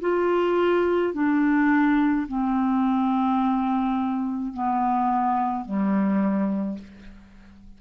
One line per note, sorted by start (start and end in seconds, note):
0.00 1.13 F4
1.13 2.26 D4
2.27 4.53 C4
4.53 5.65 B3
5.65 6.78 G3